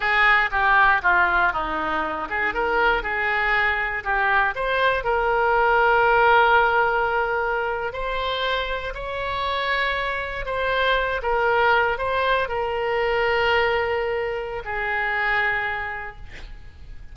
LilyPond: \new Staff \with { instrumentName = "oboe" } { \time 4/4 \tempo 4 = 119 gis'4 g'4 f'4 dis'4~ | dis'8 gis'8 ais'4 gis'2 | g'4 c''4 ais'2~ | ais'2.~ ais'8. c''16~ |
c''4.~ c''16 cis''2~ cis''16~ | cis''8. c''4. ais'4. c''16~ | c''8. ais'2.~ ais'16~ | ais'4 gis'2. | }